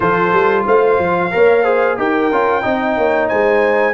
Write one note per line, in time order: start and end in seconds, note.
0.00 0.32 F3
0.00 1.31 F4
0.00 0.65 A4
0.00 0.63 C5
0.32 0.65 G3
0.65 0.98 A3
0.65 1.31 C5
0.65 1.99 F5
0.98 1.31 F3
1.31 1.98 A#3
1.31 1.64 A#4
1.31 1.63 C#5
1.63 1.97 G#4
1.63 1.96 C5
1.97 2.31 D#4
1.97 2.30 G4
1.97 2.62 A#4
1.97 3.28 G5
2.31 2.64 C#4
2.31 2.61 F4
2.61 2.97 C4
2.61 3.93 D#4
2.61 2.95 D#5
2.97 3.30 A#3
2.97 3.29 C#5
3.28 3.93 G#3
3.28 3.93 C5
3.28 3.93 G#5